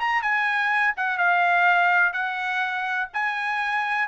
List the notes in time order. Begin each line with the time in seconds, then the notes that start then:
0.00 A#5
0.22 G#5
0.97 F#5
1.18 F5
2.13 F#5
3.14 G#5